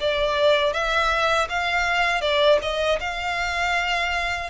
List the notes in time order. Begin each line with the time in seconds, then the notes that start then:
0.00 D5
0.73 E5
1.49 F5
2.21 D5
2.62 D#5
3.00 F5